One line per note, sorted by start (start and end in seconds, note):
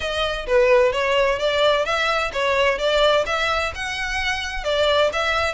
0.00 0.46 D#5
0.47 0.92 B4
0.92 1.38 C#5
1.38 1.85 D5
1.85 2.31 E5
2.32 2.78 C#5
2.78 3.24 D5
3.26 3.72 E5
3.74 4.64 F#5
4.64 5.10 D5
5.13 5.54 E5